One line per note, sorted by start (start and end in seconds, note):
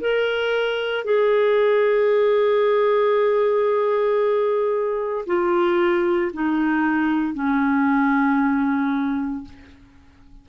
0.00 1.04 A#4
1.04 5.25 G#4
5.26 6.31 F4
6.33 7.33 D#4
7.33 9.44 C#4